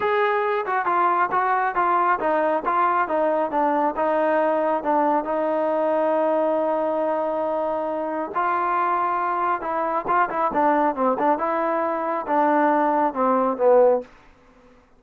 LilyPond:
\new Staff \with { instrumentName = "trombone" } { \time 4/4 \tempo 4 = 137 gis'4. fis'8 f'4 fis'4 | f'4 dis'4 f'4 dis'4 | d'4 dis'2 d'4 | dis'1~ |
dis'2. f'4~ | f'2 e'4 f'8 e'8 | d'4 c'8 d'8 e'2 | d'2 c'4 b4 | }